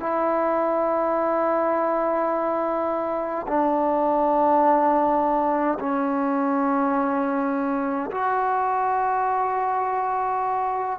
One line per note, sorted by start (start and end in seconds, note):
0.00 3.46 E4
3.47 5.78 D4
5.79 8.10 C#4
8.10 10.99 F#4